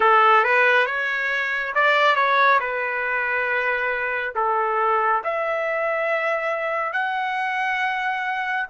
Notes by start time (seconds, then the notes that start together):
0.00 A4
0.43 B4
0.86 C#5
1.74 D5
2.15 C#5
2.60 B4
4.35 A4
5.24 E5
6.92 F#5